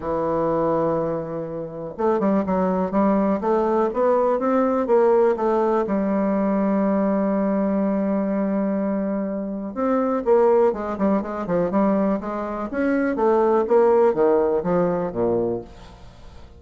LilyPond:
\new Staff \with { instrumentName = "bassoon" } { \time 4/4 \tempo 4 = 123 e1 | a8 g8 fis4 g4 a4 | b4 c'4 ais4 a4 | g1~ |
g1 | c'4 ais4 gis8 g8 gis8 f8 | g4 gis4 cis'4 a4 | ais4 dis4 f4 ais,4 | }